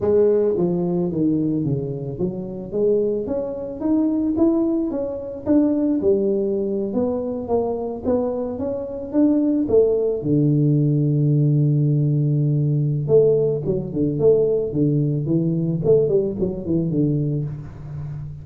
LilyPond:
\new Staff \with { instrumentName = "tuba" } { \time 4/4 \tempo 4 = 110 gis4 f4 dis4 cis4 | fis4 gis4 cis'4 dis'4 | e'4 cis'4 d'4 g4~ | g8. b4 ais4 b4 cis'16~ |
cis'8. d'4 a4 d4~ d16~ | d1 | a4 fis8 d8 a4 d4 | e4 a8 g8 fis8 e8 d4 | }